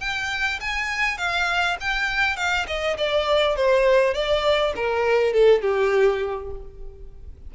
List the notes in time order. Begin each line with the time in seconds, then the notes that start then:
0.00 G5
0.60 G#5
1.17 F5
1.80 G5
2.36 F5
2.67 D#5
2.97 D5
3.56 C5
4.14 D5
4.76 A#4
5.33 A4
5.61 G4